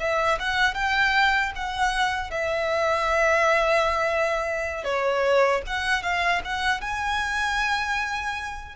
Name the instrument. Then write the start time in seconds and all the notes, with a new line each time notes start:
violin
0.00 E5
0.40 F#5
0.75 G5
1.56 F#5
2.31 E5
4.85 C#5
5.67 F#5
6.03 F5
6.45 F#5
6.81 G#5